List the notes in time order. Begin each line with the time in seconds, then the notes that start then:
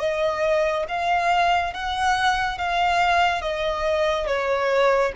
0.00 D#5
0.88 F5
1.74 F#5
2.58 F5
3.42 D#5
4.27 C#5